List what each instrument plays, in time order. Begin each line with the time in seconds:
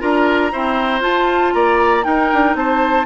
0.00 bassoon D4, clarinet F4, oboe A#4, flute A#5
0.52 clarinet C4, bassoon E4, oboe C5
1.00 bassoon F4, clarinet F4, flute A5
1.54 bassoon A#3, oboe D5, flute A#5
2.03 clarinet D#4, bassoon D#4, oboe A#4, flute G5
2.33 bassoon D4
2.55 bassoon C4, oboe C5, flute A5